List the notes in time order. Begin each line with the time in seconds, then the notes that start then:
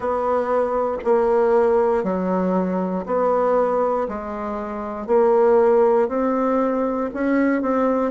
0.00 B3
1.04 A#3
2.03 F#3
3.06 B3
4.08 G#3
5.06 A#3
6.08 C4
7.14 C#4
7.62 C4